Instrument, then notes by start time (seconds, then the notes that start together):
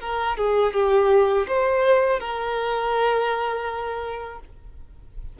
violin
0.00 A#4
0.37 G#4
0.73 G4
1.47 C5
2.20 A#4